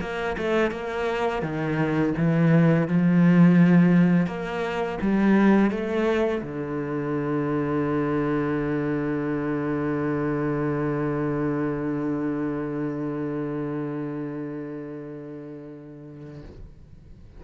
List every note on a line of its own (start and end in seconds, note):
0.00 0.36 A#3
0.37 0.71 A3
0.71 1.42 A#3
1.42 2.13 D#3
2.17 2.87 E3
2.87 4.26 F3
4.26 4.98 A#3
5.01 5.70 G3
5.70 6.42 A3
6.42 16.42 D3